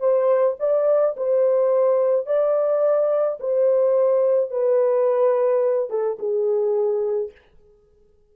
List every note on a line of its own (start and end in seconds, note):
0.00 0.56 C5
0.59 1.15 D5
1.17 2.27 C5
2.27 3.39 D5
3.40 4.51 C5
4.51 5.90 B4
5.90 6.18 A4
6.19 7.32 G#4